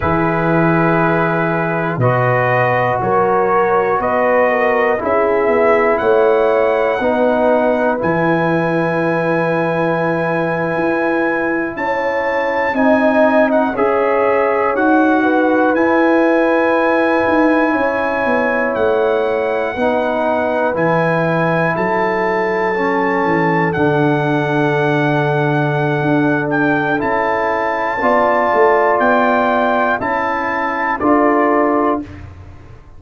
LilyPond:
<<
  \new Staff \with { instrumentName = "trumpet" } { \time 4/4 \tempo 4 = 60 b'2 dis''4 cis''4 | dis''4 e''4 fis''2 | gis''2.~ gis''8. a''16~ | a''8. gis''8. fis''16 e''4 fis''4 gis''16~ |
gis''2~ gis''8. fis''4~ fis''16~ | fis''8. gis''4 a''2 fis''16~ | fis''2~ fis''8 g''8 a''4~ | a''4 g''4 a''4 d''4 | }
  \new Staff \with { instrumentName = "horn" } { \time 4/4 gis'2 b'4 ais'4 | b'8 ais'8 gis'4 cis''4 b'4~ | b'2.~ b'8. cis''16~ | cis''8. dis''4 cis''4. b'8.~ |
b'4.~ b'16 cis''2 b'16~ | b'4.~ b'16 a'2~ a'16~ | a'1 | d''2 e''4 a'4 | }
  \new Staff \with { instrumentName = "trombone" } { \time 4/4 e'2 fis'2~ | fis'4 e'2 dis'4 | e'1~ | e'8. dis'4 gis'4 fis'4 e'16~ |
e'2.~ e'8. dis'16~ | dis'8. e'2 cis'4 d'16~ | d'2. e'4 | f'2 e'4 f'4 | }
  \new Staff \with { instrumentName = "tuba" } { \time 4/4 e2 b,4 fis4 | b4 cis'8 b8 a4 b4 | e2~ e8. e'4 cis'16~ | cis'8. c'4 cis'4 dis'4 e'16~ |
e'4~ e'16 dis'8 cis'8 b8 a4 b16~ | b8. e4 fis4. e8 d16~ | d2 d'4 cis'4 | b8 a8 b4 cis'4 d'4 | }
>>